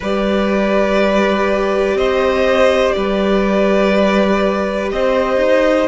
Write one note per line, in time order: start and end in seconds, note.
0.00 1.94 G3
0.00 5.88 G4
0.00 1.97 B4
0.00 1.97 D5
1.94 2.93 C4
1.94 2.95 C5
1.94 2.92 D#5
2.92 4.92 G3
2.92 4.93 B4
2.92 4.88 D5
4.91 5.37 C4
4.91 5.88 C5
4.91 5.88 D#5
5.37 5.86 D#4